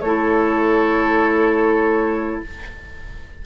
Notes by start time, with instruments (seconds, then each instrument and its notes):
0.00 bassoon A3, clarinet E4, oboe A4, flute C#5